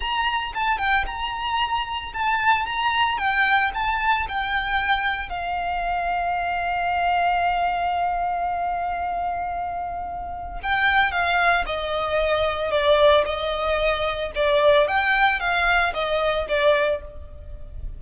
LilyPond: \new Staff \with { instrumentName = "violin" } { \time 4/4 \tempo 4 = 113 ais''4 a''8 g''8 ais''2 | a''4 ais''4 g''4 a''4 | g''2 f''2~ | f''1~ |
f''1 | g''4 f''4 dis''2 | d''4 dis''2 d''4 | g''4 f''4 dis''4 d''4 | }